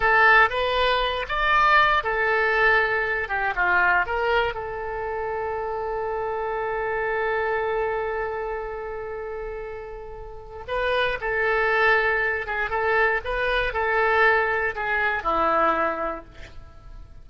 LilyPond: \new Staff \with { instrumentName = "oboe" } { \time 4/4 \tempo 4 = 118 a'4 b'4. d''4. | a'2~ a'8 g'8 f'4 | ais'4 a'2.~ | a'1~ |
a'1~ | a'4 b'4 a'2~ | a'8 gis'8 a'4 b'4 a'4~ | a'4 gis'4 e'2 | }